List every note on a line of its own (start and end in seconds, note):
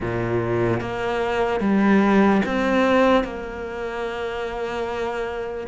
0.00 0.80 A#2
0.80 1.60 A#3
1.60 2.41 G3
2.45 3.24 C4
3.24 5.67 A#3